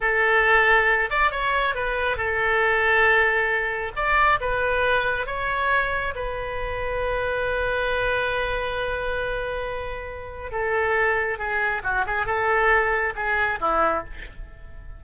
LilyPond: \new Staff \with { instrumentName = "oboe" } { \time 4/4 \tempo 4 = 137 a'2~ a'8 d''8 cis''4 | b'4 a'2.~ | a'4 d''4 b'2 | cis''2 b'2~ |
b'1~ | b'1 | a'2 gis'4 fis'8 gis'8 | a'2 gis'4 e'4 | }